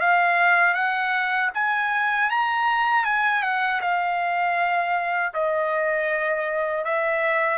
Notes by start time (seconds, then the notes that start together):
0.00 F5
0.74 F#5
1.54 G#5
2.30 A#5
3.04 G#5
3.42 F#5
3.81 F5
5.34 D#5
6.84 E5